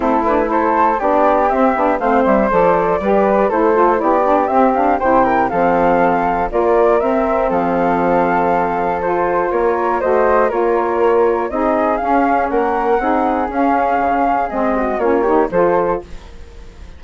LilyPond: <<
  \new Staff \with { instrumentName = "flute" } { \time 4/4 \tempo 4 = 120 a'8 b'8 c''4 d''4 e''4 | f''8 e''8 d''2 c''4 | d''4 e''8 f''8 g''4 f''4~ | f''4 d''4 e''4 f''4~ |
f''2 c''4 cis''4 | dis''4 cis''2 dis''4 | f''4 fis''2 f''4~ | f''4 dis''4 cis''4 c''4 | }
  \new Staff \with { instrumentName = "flute" } { \time 4/4 e'4 a'4 g'2 | c''2 b'4 a'4 | g'2 c''8 ais'8 a'4~ | a'4 ais'2 a'4~ |
a'2. ais'4 | c''4 ais'2 gis'4~ | gis'4 ais'4 gis'2~ | gis'4. fis'8 f'8 g'8 a'4 | }
  \new Staff \with { instrumentName = "saxophone" } { \time 4/4 c'8 d'8 e'4 d'4 c'8 d'8 | c'4 a'4 g'4 e'8 f'8 | e'8 d'8 c'8 d'8 e'4 c'4~ | c'4 f'4 c'2~ |
c'2 f'2 | fis'4 f'2 dis'4 | cis'2 dis'4 cis'4~ | cis'4 c'4 cis'8 dis'8 f'4 | }
  \new Staff \with { instrumentName = "bassoon" } { \time 4/4 a2 b4 c'8 b8 | a8 g8 f4 g4 a4 | b4 c'4 c4 f4~ | f4 ais4 c'4 f4~ |
f2. ais4 | a4 ais2 c'4 | cis'4 ais4 c'4 cis'4 | cis4 gis4 ais4 f4 | }
>>